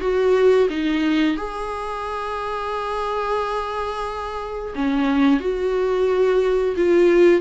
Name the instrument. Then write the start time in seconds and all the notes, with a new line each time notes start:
viola
0.00 F#4
0.69 D#4
1.36 G#4
4.75 C#4
5.40 F#4
6.76 F4